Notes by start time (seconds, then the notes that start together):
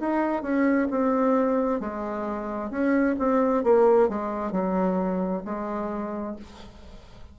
0.00 D#4
0.42 C#4
0.90 C4
1.80 G#3
2.70 C#4
3.19 C4
3.64 A#3
4.09 G#3
4.52 F#3
5.45 G#3